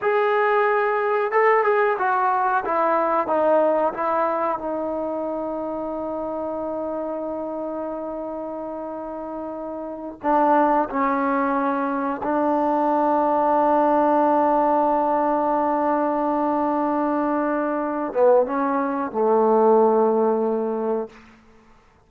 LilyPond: \new Staff \with { instrumentName = "trombone" } { \time 4/4 \tempo 4 = 91 gis'2 a'8 gis'8 fis'4 | e'4 dis'4 e'4 dis'4~ | dis'1~ | dis'2.~ dis'8 d'8~ |
d'8 cis'2 d'4.~ | d'1~ | d'2.~ d'8 b8 | cis'4 a2. | }